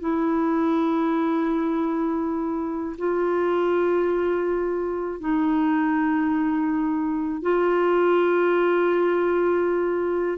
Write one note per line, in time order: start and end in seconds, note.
0.00 2.96 E4
2.98 5.20 F4
5.20 7.41 D#4
7.41 10.38 F4